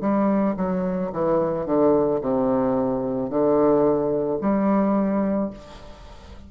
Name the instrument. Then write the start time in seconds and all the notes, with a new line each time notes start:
bassoon
0.00 G3
0.56 F#3
1.12 E3
1.66 D3
2.21 C3
3.29 D3
4.41 G3